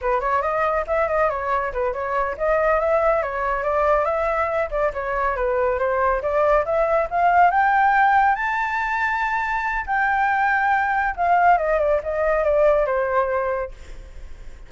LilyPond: \new Staff \with { instrumentName = "flute" } { \time 4/4 \tempo 4 = 140 b'8 cis''8 dis''4 e''8 dis''8 cis''4 | b'8 cis''4 dis''4 e''4 cis''8~ | cis''8 d''4 e''4. d''8 cis''8~ | cis''8 b'4 c''4 d''4 e''8~ |
e''8 f''4 g''2 a''8~ | a''2. g''4~ | g''2 f''4 dis''8 d''8 | dis''4 d''4 c''2 | }